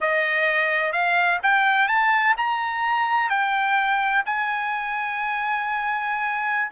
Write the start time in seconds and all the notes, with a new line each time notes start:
0.00 D#5
0.92 F5
1.42 G5
1.87 A5
2.37 A#5
3.29 G5
4.25 G#5